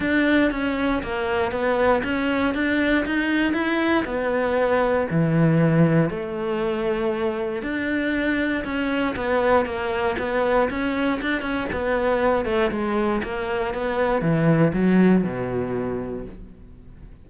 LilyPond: \new Staff \with { instrumentName = "cello" } { \time 4/4 \tempo 4 = 118 d'4 cis'4 ais4 b4 | cis'4 d'4 dis'4 e'4 | b2 e2 | a2. d'4~ |
d'4 cis'4 b4 ais4 | b4 cis'4 d'8 cis'8 b4~ | b8 a8 gis4 ais4 b4 | e4 fis4 b,2 | }